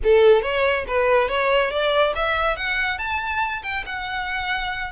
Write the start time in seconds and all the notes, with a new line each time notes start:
0.03 A4
0.42 C#5
0.87 B4
1.28 C#5
1.70 D5
2.15 E5
2.56 F#5
2.98 A5
3.63 G5
3.86 F#5